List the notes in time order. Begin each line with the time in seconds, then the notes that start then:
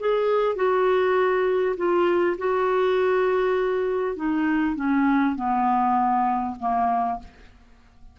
0.00 G#4
0.56 F#4
1.77 F4
2.38 F#4
4.16 D#4
4.76 C#4
5.36 B3
6.59 A#3